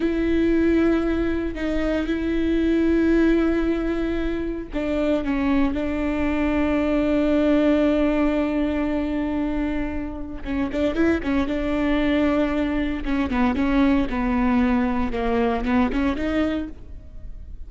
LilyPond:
\new Staff \with { instrumentName = "viola" } { \time 4/4 \tempo 4 = 115 e'2. dis'4 | e'1~ | e'4 d'4 cis'4 d'4~ | d'1~ |
d'1 | cis'8 d'8 e'8 cis'8 d'2~ | d'4 cis'8 b8 cis'4 b4~ | b4 ais4 b8 cis'8 dis'4 | }